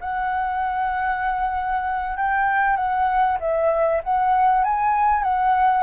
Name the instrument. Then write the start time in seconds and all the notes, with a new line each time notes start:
flute
0.00 F#5
2.16 G5
2.76 F#5
3.40 E5
4.03 F#5
4.64 G#5
5.23 F#5